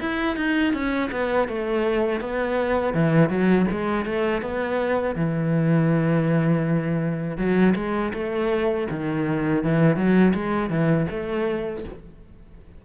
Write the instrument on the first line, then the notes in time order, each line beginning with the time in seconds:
cello
0.00 E4
0.36 D#4
0.73 C#4
1.11 B3
1.48 A3
2.21 B3
2.94 E3
3.30 F#3
3.71 G#3
4.06 A3
4.42 B3
5.15 E3
7.37 F#3
7.76 G#3
8.13 A3
8.90 D#3
9.64 E3
9.96 F#3
10.34 G#3
10.70 E3
11.10 A3